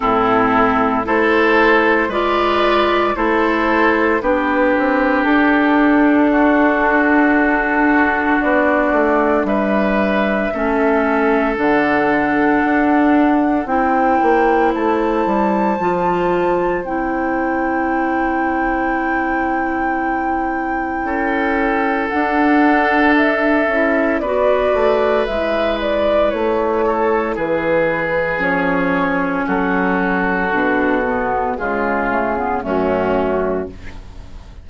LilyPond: <<
  \new Staff \with { instrumentName = "flute" } { \time 4/4 \tempo 4 = 57 a'4 c''4 d''4 c''4 | b'4 a'2. | d''4 e''2 fis''4~ | fis''4 g''4 a''2 |
g''1~ | g''4 fis''4 e''4 d''4 | e''8 d''8 cis''4 b'4 cis''4 | a'2 gis'4 fis'4 | }
  \new Staff \with { instrumentName = "oboe" } { \time 4/4 e'4 a'4 b'4 a'4 | g'2 fis'2~ | fis'4 b'4 a'2~ | a'4 c''2.~ |
c''1 | a'2. b'4~ | b'4. a'8 gis'2 | fis'2 f'4 cis'4 | }
  \new Staff \with { instrumentName = "clarinet" } { \time 4/4 c'4 e'4 f'4 e'4 | d'1~ | d'2 cis'4 d'4~ | d'4 e'2 f'4 |
e'1~ | e'4 d'4. e'8 fis'4 | e'2. cis'4~ | cis'4 d'8 b8 gis8 a16 b16 a4 | }
  \new Staff \with { instrumentName = "bassoon" } { \time 4/4 a,4 a4 gis4 a4 | b8 c'8 d'2. | b8 a8 g4 a4 d4 | d'4 c'8 ais8 a8 g8 f4 |
c'1 | cis'4 d'4. cis'8 b8 a8 | gis4 a4 e4 f4 | fis4 b,4 cis4 fis,4 | }
>>